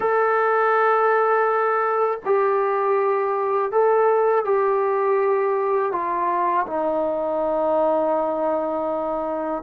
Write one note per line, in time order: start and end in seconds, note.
0.00 2.19 A4
2.25 3.71 G4
3.71 4.44 A4
4.44 5.92 G4
5.92 6.66 F4
6.66 9.63 D#4